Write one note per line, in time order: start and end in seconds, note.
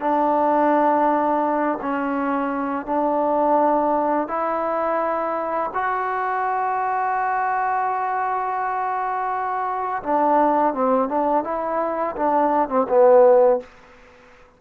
0.00 1.79 D4
1.81 2.86 C#4
2.86 4.28 D4
4.28 5.71 E4
5.74 10.02 F#4
10.03 10.74 D4
10.74 11.09 C4
11.09 11.44 D4
11.44 12.15 E4
12.16 12.69 D4
12.69 12.86 C4
12.89 13.60 B3